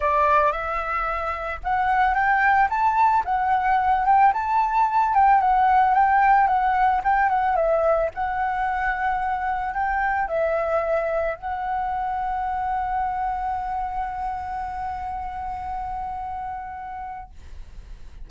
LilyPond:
\new Staff \with { instrumentName = "flute" } { \time 4/4 \tempo 4 = 111 d''4 e''2 fis''4 | g''4 a''4 fis''4. g''8 | a''4. g''8 fis''4 g''4 | fis''4 g''8 fis''8 e''4 fis''4~ |
fis''2 g''4 e''4~ | e''4 fis''2.~ | fis''1~ | fis''1 | }